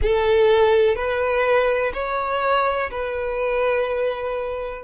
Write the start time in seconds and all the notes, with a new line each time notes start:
0.01 A4
0.95 B4
1.93 C#5
2.90 B4